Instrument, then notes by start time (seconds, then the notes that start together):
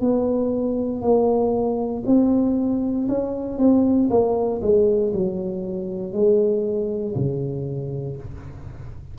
tuba
0.00 B3
1.01 A#3
2.06 C4
3.08 C#4
3.58 C4
4.10 A#3
4.61 G#3
5.13 F#3
6.12 G#3
7.15 C#3